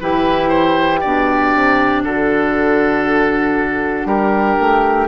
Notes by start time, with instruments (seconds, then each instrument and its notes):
0.00 bassoon E3, clarinet E4, flute G4, oboe B4
0.49 oboe C5
1.00 bassoon B2, clarinet D4, oboe D5
1.54 bassoon C3
2.03 bassoon D3, flute F#4, oboe A4
4.05 bassoon G3, flute G4, oboe A#4
4.59 bassoon A3